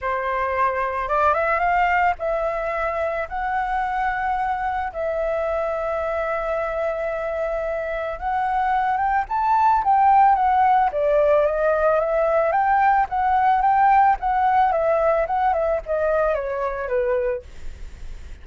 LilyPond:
\new Staff \with { instrumentName = "flute" } { \time 4/4 \tempo 4 = 110 c''2 d''8 e''8 f''4 | e''2 fis''2~ | fis''4 e''2.~ | e''2. fis''4~ |
fis''8 g''8 a''4 g''4 fis''4 | d''4 dis''4 e''4 g''4 | fis''4 g''4 fis''4 e''4 | fis''8 e''8 dis''4 cis''4 b'4 | }